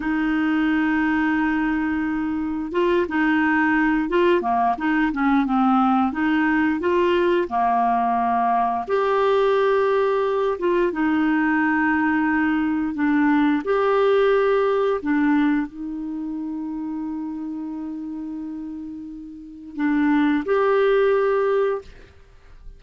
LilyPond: \new Staff \with { instrumentName = "clarinet" } { \time 4/4 \tempo 4 = 88 dis'1 | f'8 dis'4. f'8 ais8 dis'8 cis'8 | c'4 dis'4 f'4 ais4~ | ais4 g'2~ g'8 f'8 |
dis'2. d'4 | g'2 d'4 dis'4~ | dis'1~ | dis'4 d'4 g'2 | }